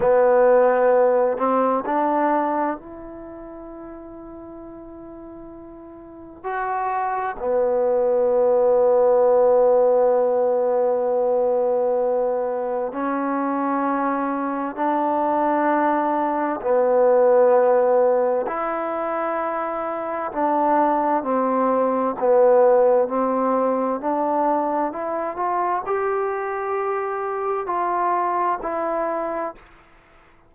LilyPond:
\new Staff \with { instrumentName = "trombone" } { \time 4/4 \tempo 4 = 65 b4. c'8 d'4 e'4~ | e'2. fis'4 | b1~ | b2 cis'2 |
d'2 b2 | e'2 d'4 c'4 | b4 c'4 d'4 e'8 f'8 | g'2 f'4 e'4 | }